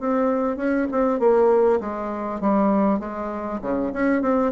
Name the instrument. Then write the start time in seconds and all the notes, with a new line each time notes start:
bassoon
0.00 C4
0.57 C#4
0.92 C4
1.20 A#3
1.81 G#3
2.41 G3
3.00 G#3
3.62 C#3
3.93 C#4
4.22 C4